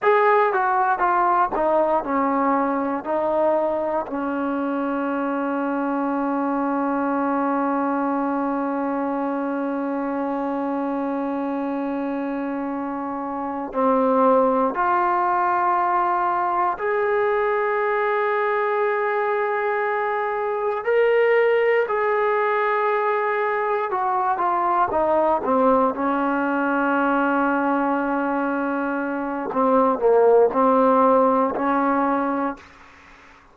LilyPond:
\new Staff \with { instrumentName = "trombone" } { \time 4/4 \tempo 4 = 59 gis'8 fis'8 f'8 dis'8 cis'4 dis'4 | cis'1~ | cis'1~ | cis'4. c'4 f'4.~ |
f'8 gis'2.~ gis'8~ | gis'8 ais'4 gis'2 fis'8 | f'8 dis'8 c'8 cis'2~ cis'8~ | cis'4 c'8 ais8 c'4 cis'4 | }